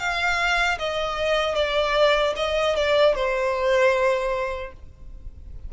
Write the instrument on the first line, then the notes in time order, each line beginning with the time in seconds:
violin
0.00 F5
0.79 D#5
1.55 D5
2.37 D#5
2.77 D5
3.15 C5